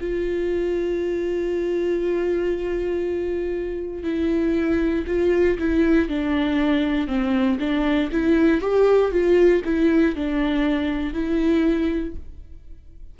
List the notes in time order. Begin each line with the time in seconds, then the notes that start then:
0.00 F4
4.03 E4
5.07 F4
5.59 E4
6.08 D4
7.07 C4
7.60 D4
8.12 E4
8.61 G4
9.12 F4
9.64 E4
10.16 D4
11.13 E4